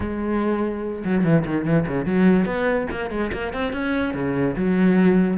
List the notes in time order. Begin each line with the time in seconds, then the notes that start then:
0.00 G#3
1.04 F#3
1.23 E3
1.45 D#3
1.65 E3
1.87 C#3
2.05 F#3
2.45 B3
2.91 A#3
3.10 G#3
3.32 A#3
3.53 C4
3.72 C#4
4.14 C#3
4.56 F#3